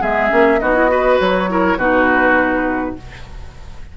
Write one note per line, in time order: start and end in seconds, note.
0.00 0.31 G#3
0.00 0.29 B3
0.00 0.59 G#4
0.00 0.59 E5
0.29 0.61 A#3
0.29 0.58 C#4
0.59 1.19 B3
0.59 0.74 D#4
0.59 0.90 F#4
0.59 1.18 D#5
0.74 0.88 E4
0.88 1.47 F#4
0.88 1.49 B4
1.19 1.76 F#3
1.19 1.78 C#5
1.48 1.78 E4
1.48 1.77 A#4
1.76 2.94 B2
1.76 2.97 D#4
1.76 2.95 F#4
1.76 2.95 B4